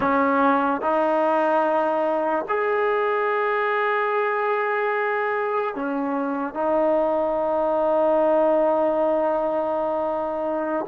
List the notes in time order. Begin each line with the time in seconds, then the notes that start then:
0.00 C#4
0.81 D#4
2.48 G#4
5.75 C#4
6.54 D#4